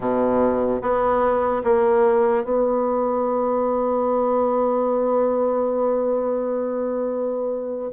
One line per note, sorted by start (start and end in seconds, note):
0.00 0.81 B2
0.81 1.62 B3
1.64 2.43 A#3
2.43 7.91 B3